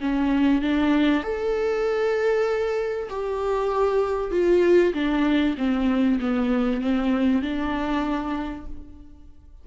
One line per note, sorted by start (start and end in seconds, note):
0.00 0.62 C#4
0.62 1.23 D4
1.23 3.09 A4
3.10 4.31 G4
4.31 4.93 F4
4.94 5.56 D4
5.58 6.19 C4
6.20 6.81 B3
6.81 7.42 C4
7.42 8.66 D4